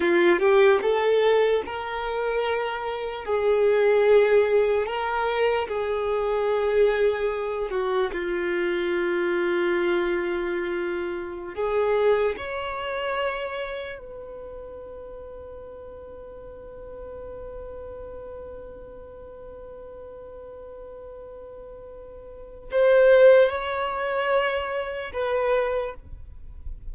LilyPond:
\new Staff \with { instrumentName = "violin" } { \time 4/4 \tempo 4 = 74 f'8 g'8 a'4 ais'2 | gis'2 ais'4 gis'4~ | gis'4. fis'8 f'2~ | f'2~ f'16 gis'4 cis''8.~ |
cis''4~ cis''16 b'2~ b'8.~ | b'1~ | b'1 | c''4 cis''2 b'4 | }